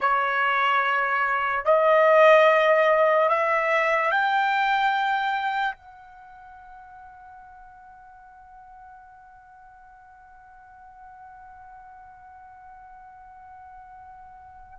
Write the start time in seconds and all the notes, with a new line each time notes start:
0.00 C#5
1.64 D#5
3.29 E5
4.11 G5
5.75 F#5